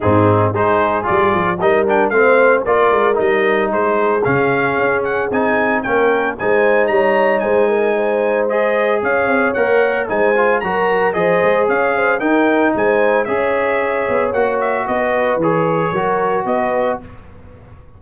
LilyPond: <<
  \new Staff \with { instrumentName = "trumpet" } { \time 4/4 \tempo 4 = 113 gis'4 c''4 d''4 dis''8 g''8 | f''4 d''4 dis''4 c''4 | f''4. fis''8 gis''4 g''4 | gis''4 ais''4 gis''2 |
dis''4 f''4 fis''4 gis''4 | ais''4 dis''4 f''4 g''4 | gis''4 e''2 fis''8 e''8 | dis''4 cis''2 dis''4 | }
  \new Staff \with { instrumentName = "horn" } { \time 4/4 dis'4 gis'2 ais'4 | c''4 ais'2 gis'4~ | gis'2. ais'4 | c''4 cis''4 c''8 ais'8 c''4~ |
c''4 cis''2 c''4 | ais'4 c''4 cis''8 c''8 ais'4 | c''4 cis''2. | b'2 ais'4 b'4 | }
  \new Staff \with { instrumentName = "trombone" } { \time 4/4 c'4 dis'4 f'4 dis'8 d'8 | c'4 f'4 dis'2 | cis'2 dis'4 cis'4 | dis'1 |
gis'2 ais'4 dis'8 f'8 | fis'4 gis'2 dis'4~ | dis'4 gis'2 fis'4~ | fis'4 gis'4 fis'2 | }
  \new Staff \with { instrumentName = "tuba" } { \time 4/4 gis,4 gis4 g8 f8 g4 | a4 ais8 gis8 g4 gis4 | cis4 cis'4 c'4 ais4 | gis4 g4 gis2~ |
gis4 cis'8 c'8 ais4 gis4 | fis4 f8 gis8 cis'4 dis'4 | gis4 cis'4. b8 ais4 | b4 e4 fis4 b4 | }
>>